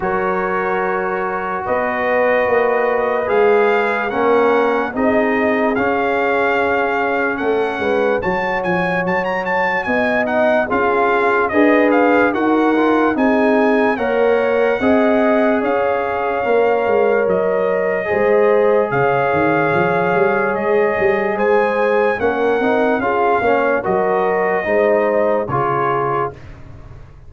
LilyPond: <<
  \new Staff \with { instrumentName = "trumpet" } { \time 4/4 \tempo 4 = 73 cis''2 dis''2 | f''4 fis''4 dis''4 f''4~ | f''4 fis''4 a''8 gis''8 a''16 ais''16 a''8 | gis''8 fis''8 f''4 dis''8 f''8 fis''4 |
gis''4 fis''2 f''4~ | f''4 dis''2 f''4~ | f''4 dis''4 gis''4 fis''4 | f''4 dis''2 cis''4 | }
  \new Staff \with { instrumentName = "horn" } { \time 4/4 ais'2 b'2~ | b'4 ais'4 gis'2~ | gis'4 a'8 b'8 cis''2 | dis''4 gis'4 b'4 ais'4 |
gis'4 cis''4 dis''4 cis''4~ | cis''2 c''4 cis''4~ | cis''2 c''4 ais'4 | gis'8 cis''8 ais'4 c''4 gis'4 | }
  \new Staff \with { instrumentName = "trombone" } { \time 4/4 fis'1 | gis'4 cis'4 dis'4 cis'4~ | cis'2 fis'2~ | fis'8 dis'8 f'4 gis'4 fis'8 f'8 |
dis'4 ais'4 gis'2 | ais'2 gis'2~ | gis'2. cis'8 dis'8 | f'8 cis'8 fis'4 dis'4 f'4 | }
  \new Staff \with { instrumentName = "tuba" } { \time 4/4 fis2 b4 ais4 | gis4 ais4 c'4 cis'4~ | cis'4 a8 gis8 fis8 f8 fis4 | b4 cis'4 d'4 dis'4 |
c'4 ais4 c'4 cis'4 | ais8 gis8 fis4 gis4 cis8 dis8 | f8 g8 gis8 g8 gis4 ais8 c'8 | cis'8 ais8 fis4 gis4 cis4 | }
>>